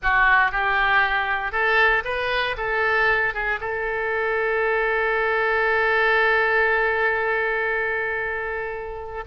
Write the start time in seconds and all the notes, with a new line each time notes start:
0.02 F#4
0.51 G4
1.52 A4
2.04 B4
2.57 A4
3.34 G#4
3.60 A4